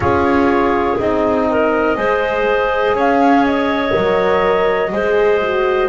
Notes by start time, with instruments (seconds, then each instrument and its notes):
0.00 double bass C#4, horn F4, clarinet G#4, flute C#5
0.99 double bass C4, horn D#4, flute D#5
1.50 clarinet A#4
1.95 double bass G#3, horn G#4, clarinet C5
2.94 double bass C#4, clarinet C#5, flute F5
3.45 flute D#5
3.92 double bass F#3, horn A#4
4.92 double bass G#3, horn G#4, clarinet C5
5.42 horn F#4